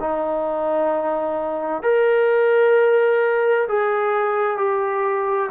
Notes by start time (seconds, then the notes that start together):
0.00 D#4
1.83 A#4
3.68 G#4
4.58 G4